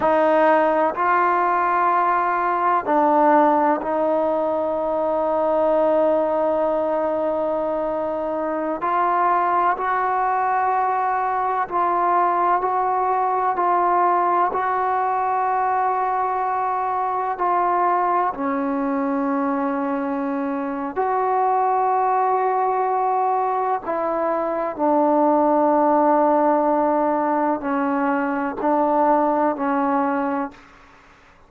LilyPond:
\new Staff \with { instrumentName = "trombone" } { \time 4/4 \tempo 4 = 63 dis'4 f'2 d'4 | dis'1~ | dis'4~ dis'16 f'4 fis'4.~ fis'16~ | fis'16 f'4 fis'4 f'4 fis'8.~ |
fis'2~ fis'16 f'4 cis'8.~ | cis'2 fis'2~ | fis'4 e'4 d'2~ | d'4 cis'4 d'4 cis'4 | }